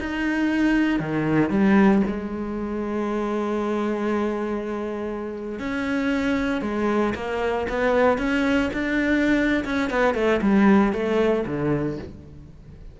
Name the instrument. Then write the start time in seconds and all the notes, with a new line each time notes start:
cello
0.00 D#4
1.00 D#3
1.50 G3
2.07 G#3
5.59 C#4
6.62 G#3
7.15 A#3
7.69 B3
8.18 C#4
8.73 D4
9.65 C#4
9.90 B3
10.14 A3
10.42 G3
10.93 A3
11.46 D3